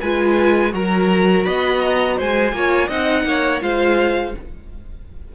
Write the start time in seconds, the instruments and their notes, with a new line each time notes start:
0.00 cello G#3, viola F4, violin B4 G#5
0.71 cello F#3, viola F#4, violin A#4 A#5
1.44 cello B3, violin D#5 B5
1.81 violin A#5
2.17 cello G#3, violin C5 G#5
2.52 cello A#3, viola F4, violin C#5
2.87 cello C4, viola D#4, violin D#5 F#5
3.24 cello A#3, violin C#5
3.60 cello G#3, viola F4, violin C5 F5